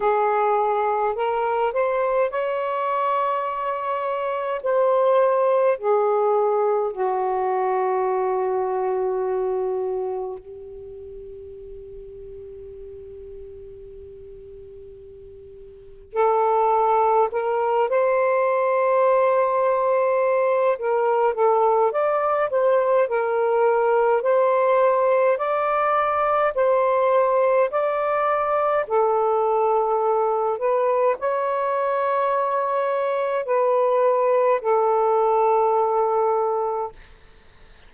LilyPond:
\new Staff \with { instrumentName = "saxophone" } { \time 4/4 \tempo 4 = 52 gis'4 ais'8 c''8 cis''2 | c''4 gis'4 fis'2~ | fis'4 g'2.~ | g'2 a'4 ais'8 c''8~ |
c''2 ais'8 a'8 d''8 c''8 | ais'4 c''4 d''4 c''4 | d''4 a'4. b'8 cis''4~ | cis''4 b'4 a'2 | }